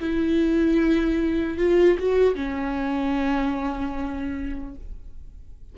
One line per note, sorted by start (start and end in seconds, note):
0.00 1.58 E4
1.58 1.98 F4
1.99 2.35 F#4
2.35 4.75 C#4